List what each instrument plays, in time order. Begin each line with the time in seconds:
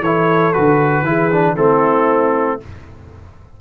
0.00 tuba E3, trombone E4, horn A4, trumpet C#5
0.52 tuba D3, trombone F#4, trumpet B4
1.02 tuba E3, trombone E4, horn G#4
1.31 trombone D4
1.54 tuba A3, trombone C4, horn E4, trumpet A4